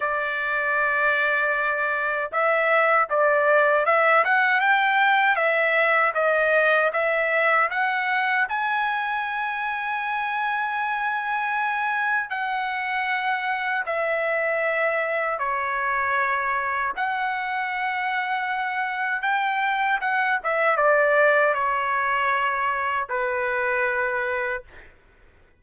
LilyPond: \new Staff \with { instrumentName = "trumpet" } { \time 4/4 \tempo 4 = 78 d''2. e''4 | d''4 e''8 fis''8 g''4 e''4 | dis''4 e''4 fis''4 gis''4~ | gis''1 |
fis''2 e''2 | cis''2 fis''2~ | fis''4 g''4 fis''8 e''8 d''4 | cis''2 b'2 | }